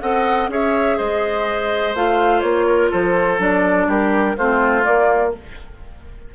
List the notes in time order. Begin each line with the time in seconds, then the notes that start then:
0.00 C4 A4 D#5 F#5
0.48 C#4 G#4 C#5 E5
0.97 G#3 C5 D#5
1.94 A3 F4 F5
2.40 A#3 C#5
2.66 A#4
2.90 F3 A4 C5
3.38 F#3 D4 D5
3.86 G3 G4 A#4
4.37 A3 C4 F4 C5
4.82 A#3 D5